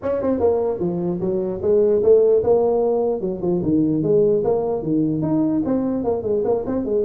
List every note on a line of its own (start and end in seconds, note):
0.02 0.22 C#4
0.22 0.39 C4
0.39 0.79 A#3
0.79 1.19 F3
1.20 1.60 F#3
1.62 2.02 G#3
2.02 2.43 A3
2.43 3.20 A#3
3.20 3.40 F#3
3.41 3.61 F3
3.62 4.02 D#3
4.02 4.43 G#3
4.44 4.82 A#3
4.82 5.21 D#3
5.21 5.62 D#4
5.65 6.04 C4
6.04 6.22 A#3
6.22 6.42 G#3
6.44 6.64 A#3
6.66 6.85 C4
6.85 7.05 G#3